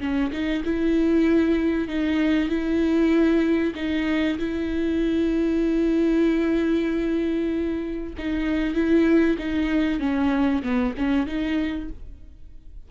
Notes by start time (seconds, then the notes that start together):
0.00 C#4
0.32 D#4
0.64 E4
1.88 D#4
2.49 E4
3.75 D#4
4.38 E4
8.18 D#4
8.74 E4
9.38 D#4
10.00 C#4
10.62 B3
10.98 C#4
11.26 D#4